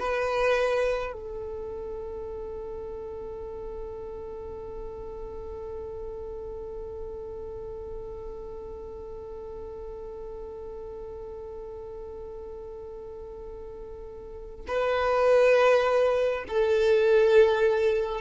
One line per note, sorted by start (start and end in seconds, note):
0.00 1.13 B4
1.13 14.66 A4
14.68 16.44 B4
16.49 18.21 A4